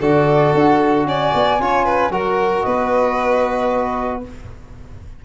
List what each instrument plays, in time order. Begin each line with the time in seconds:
0.00 tuba D3, trombone F#4, violin A4, flute D5
0.54 tuba D4, flute F#5
1.05 tuba C#4, violin D5, flute G#5
1.34 tuba B3
1.59 tuba C#4, trombone F4, violin C#5
1.85 violin B4
2.10 tuba F#3, trombone F#4, violin A#4, flute F#5
2.61 tuba B3, violin B4, flute D#5